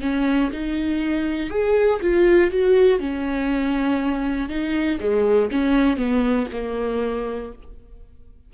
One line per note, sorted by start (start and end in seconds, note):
0.00 0.50 C#4
0.52 1.50 D#4
1.50 2.00 G#4
2.01 2.50 F4
2.50 3.00 F#4
3.00 4.49 C#4
4.49 4.99 D#4
5.00 5.50 G#3
5.50 5.96 C#4
5.96 6.46 B3
6.52 7.52 A#3